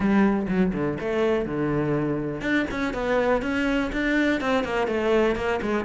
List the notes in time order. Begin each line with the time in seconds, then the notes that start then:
0.00 G3
0.48 F#3
0.73 D3
1.00 A3
1.45 D3
2.41 D4
2.70 C#4
2.93 B3
3.41 C#4
3.92 D4
4.41 C4
4.64 A#3
4.87 A3
5.35 A#3
5.61 G#3